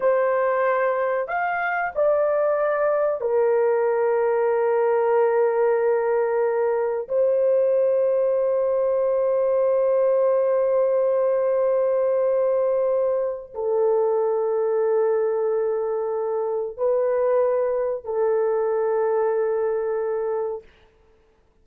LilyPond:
\new Staff \with { instrumentName = "horn" } { \time 4/4 \tempo 4 = 93 c''2 f''4 d''4~ | d''4 ais'2.~ | ais'2. c''4~ | c''1~ |
c''1~ | c''4 a'2.~ | a'2 b'2 | a'1 | }